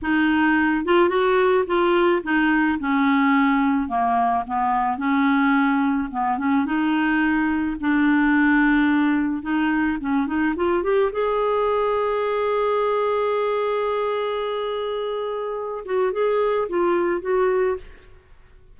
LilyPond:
\new Staff \with { instrumentName = "clarinet" } { \time 4/4 \tempo 4 = 108 dis'4. f'8 fis'4 f'4 | dis'4 cis'2 ais4 | b4 cis'2 b8 cis'8 | dis'2 d'2~ |
d'4 dis'4 cis'8 dis'8 f'8 g'8 | gis'1~ | gis'1~ | gis'8 fis'8 gis'4 f'4 fis'4 | }